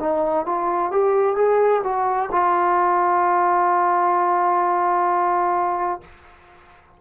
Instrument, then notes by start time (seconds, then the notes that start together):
trombone
0.00 D#4
0.46 F4
0.91 G4
1.36 G#4
1.84 F#4
2.32 F4